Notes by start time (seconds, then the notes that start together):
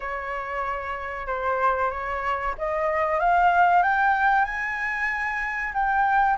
0.00 C#5
1.26 C5
1.91 C#5
2.57 D#5
3.19 F5
3.83 G5
4.44 G#5
5.73 G5